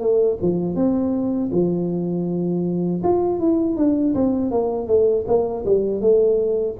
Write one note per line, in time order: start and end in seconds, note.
0.00 0.38 A3
0.42 0.75 F3
0.75 1.50 C4
1.52 3.02 F3
3.03 3.39 F4
3.39 3.76 E4
3.76 4.14 D4
4.15 4.50 C4
4.50 4.87 A#3
4.87 5.25 A3
5.27 5.65 A#3
5.65 6.00 G3
6.00 6.75 A3